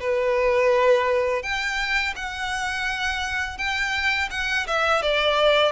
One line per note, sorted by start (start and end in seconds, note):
0.00 1.42 B4
1.42 2.13 G5
2.15 3.57 F#5
3.57 4.29 G5
4.30 4.66 F#5
4.67 5.02 E5
5.02 5.71 D5